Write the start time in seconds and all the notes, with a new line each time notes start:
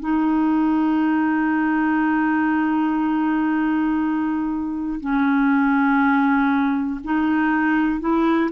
0.00 D#4
5.00 C#4
7.04 D#4
8.00 E4